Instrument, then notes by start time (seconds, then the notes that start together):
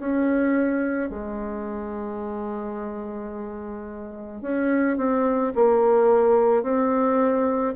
bassoon
0.00 C#4
1.10 G#3
4.42 C#4
4.97 C4
5.56 A#3
6.63 C4